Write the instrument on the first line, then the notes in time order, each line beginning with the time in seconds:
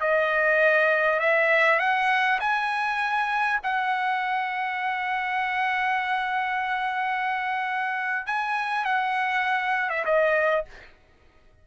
trumpet
0.00 D#5
1.19 E5
1.79 F#5
2.40 G#5
3.63 F#5
8.26 G#5
8.84 F#5
9.89 E5
10.05 D#5